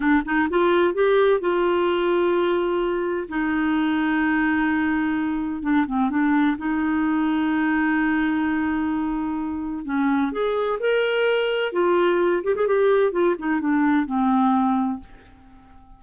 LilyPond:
\new Staff \with { instrumentName = "clarinet" } { \time 4/4 \tempo 4 = 128 d'8 dis'8 f'4 g'4 f'4~ | f'2. dis'4~ | dis'1 | d'8 c'8 d'4 dis'2~ |
dis'1~ | dis'4 cis'4 gis'4 ais'4~ | ais'4 f'4. g'16 gis'16 g'4 | f'8 dis'8 d'4 c'2 | }